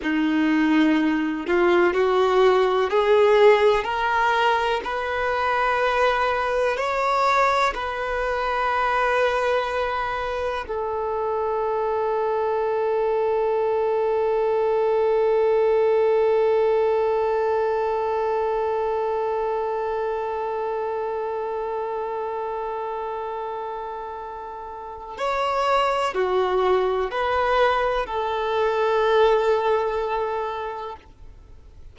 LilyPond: \new Staff \with { instrumentName = "violin" } { \time 4/4 \tempo 4 = 62 dis'4. f'8 fis'4 gis'4 | ais'4 b'2 cis''4 | b'2. a'4~ | a'1~ |
a'1~ | a'1~ | a'2 cis''4 fis'4 | b'4 a'2. | }